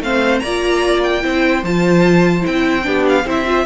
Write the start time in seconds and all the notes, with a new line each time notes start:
0.00 A3 C4 C5 F5
0.39 A#3 D5 A#5
0.46 F4
1.03 G5
1.22 C4 E4 C5
1.63 F3 F4 A5
2.41 E4 G5
2.47 C4
2.83 B3 D4 G4
3.08 F5
3.25 C4 E4 C5 E5
3.46 F4